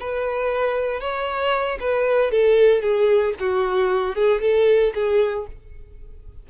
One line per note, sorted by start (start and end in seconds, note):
0.00 1.00 B4
1.00 1.79 C#5
1.80 2.31 B4
2.31 2.82 A4
2.82 3.34 G#4
3.40 4.15 F#4
4.15 4.41 G#4
4.41 4.93 A4
4.94 5.46 G#4